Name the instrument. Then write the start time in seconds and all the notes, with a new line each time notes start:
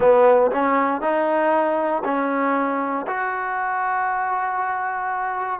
trombone
0.00 B3
0.51 C#4
1.01 D#4
2.04 C#4
3.07 F#4